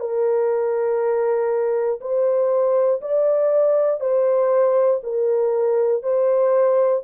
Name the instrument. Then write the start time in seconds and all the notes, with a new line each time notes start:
horn
0.00 A#4
2.01 C5
3.01 D5
4.00 C5
5.03 A#4
6.03 C5